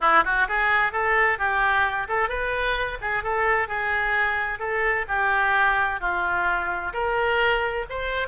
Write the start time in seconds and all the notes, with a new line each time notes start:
0.01 E4
0.24 F#4
0.48 G#4
0.92 A4
1.38 G4
2.08 A4
2.28 B4
3.01 G#4
3.23 A4
3.68 G#4
4.59 A4
5.08 G4
6.00 F4
6.93 A#4
7.89 C5